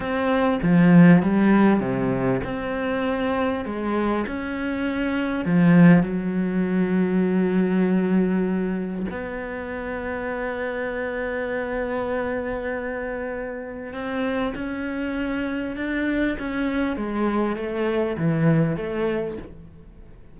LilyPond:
\new Staff \with { instrumentName = "cello" } { \time 4/4 \tempo 4 = 99 c'4 f4 g4 c4 | c'2 gis4 cis'4~ | cis'4 f4 fis2~ | fis2. b4~ |
b1~ | b2. c'4 | cis'2 d'4 cis'4 | gis4 a4 e4 a4 | }